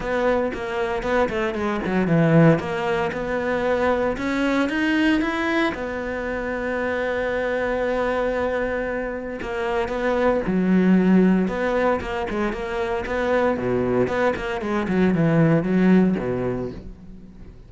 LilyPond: \new Staff \with { instrumentName = "cello" } { \time 4/4 \tempo 4 = 115 b4 ais4 b8 a8 gis8 fis8 | e4 ais4 b2 | cis'4 dis'4 e'4 b4~ | b1~ |
b2 ais4 b4 | fis2 b4 ais8 gis8 | ais4 b4 b,4 b8 ais8 | gis8 fis8 e4 fis4 b,4 | }